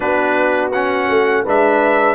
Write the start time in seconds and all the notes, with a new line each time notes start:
0.00 B3 D4 F#4 B4
0.72 C#4 F#5
1.08 A3
1.43 G#3 D4 B4 E5